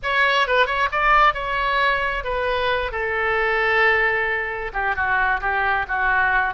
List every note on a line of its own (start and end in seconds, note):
0.02 0.47 C#5
0.47 0.66 B4
0.66 0.89 C#5
0.91 1.33 D5
1.33 2.24 C#5
2.24 2.91 B4
2.91 4.72 A4
4.73 4.95 G4
4.95 5.40 F#4
5.41 5.86 G4
5.87 6.54 F#4